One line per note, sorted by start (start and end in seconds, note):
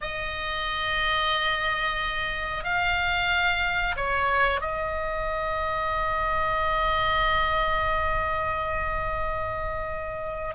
0.01 2.63 D#5
2.63 3.95 F5
3.96 4.60 C#5
4.60 10.54 D#5